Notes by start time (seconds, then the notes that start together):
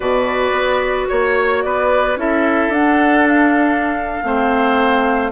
0.00 B2 F#4 B4 D5
0.52 B3
1.08 A#3 C#5
1.62 B3 B4 D5
2.16 C#4 E4 A4 E5
2.68 D4 F#5
3.28 F5
4.23 A3 C4 C5